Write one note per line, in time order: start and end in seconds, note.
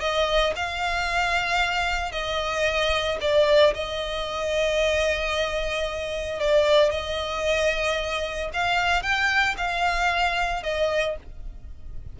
0.00 0.53 D#5
0.56 2.11 F5
2.11 3.18 D#5
3.21 3.74 D5
3.74 6.40 D#5
6.40 6.91 D5
6.91 8.50 D#5
8.53 9.02 F5
9.02 9.55 G5
9.57 10.63 F5
10.63 11.16 D#5